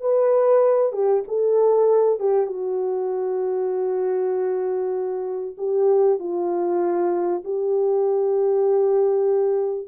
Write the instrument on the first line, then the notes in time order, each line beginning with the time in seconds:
horn
0.00 B4
0.92 G4
1.27 A4
2.19 G4
2.46 F#4
5.57 G4
6.19 F4
7.44 G4